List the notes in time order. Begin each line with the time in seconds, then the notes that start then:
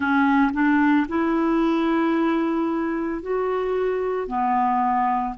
0.00 C#4
0.53 D4
1.08 E4
3.21 F#4
4.27 B3